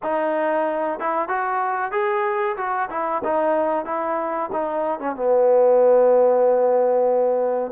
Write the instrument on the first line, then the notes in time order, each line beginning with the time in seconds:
trombone
0.03 D#4
0.99 E4
1.28 F#4
1.91 G#4
2.56 F#4
2.90 E4
3.23 D#4
3.85 E4
4.52 D#4
4.99 C#4
5.15 B3